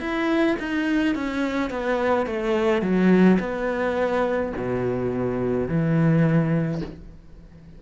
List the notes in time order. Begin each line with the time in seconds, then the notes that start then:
0.00 E4
0.59 D#4
1.15 C#4
1.70 B3
2.26 A3
2.81 F#3
3.39 B3
4.56 B2
5.68 E3